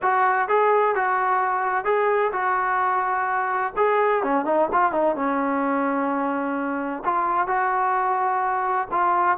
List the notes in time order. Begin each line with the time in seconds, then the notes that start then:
0.02 F#4
0.48 G#4
0.95 F#4
1.84 G#4
2.32 F#4
3.76 G#4
4.23 C#4
4.45 D#4
4.72 F4
4.92 D#4
5.15 C#4
7.05 F4
7.47 F#4
8.91 F4